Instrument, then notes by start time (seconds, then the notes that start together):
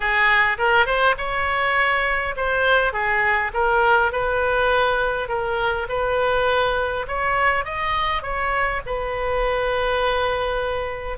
oboe
0.00 G#4
0.57 A#4
0.86 C5
1.17 C#5
2.36 C5
2.92 G#4
3.53 A#4
4.12 B4
5.28 A#4
5.88 B4
7.07 C#5
7.64 D#5
8.22 C#5
8.86 B4